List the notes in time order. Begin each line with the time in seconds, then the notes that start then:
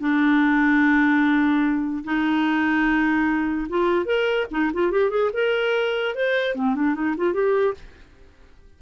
0.00 D4
2.05 D#4
3.70 F4
4.06 A#4
4.52 D#4
4.74 F4
4.92 G4
5.11 G#4
5.34 A#4
6.15 C5
6.55 C4
6.75 D4
6.95 D#4
7.17 F4
7.34 G4